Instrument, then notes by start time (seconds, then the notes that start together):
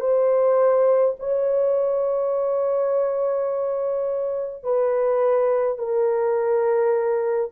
horn
0.00 C5
1.19 C#5
4.63 B4
5.78 A#4